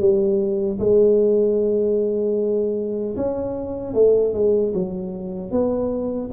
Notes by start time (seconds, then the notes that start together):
0.00 G3
0.79 G#3
3.17 C#4
3.94 A3
4.34 G#3
4.74 F#3
5.51 B3